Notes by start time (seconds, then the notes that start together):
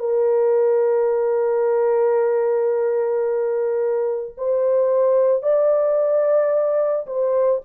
0.00 A#4
4.38 C5
5.43 D5
7.07 C5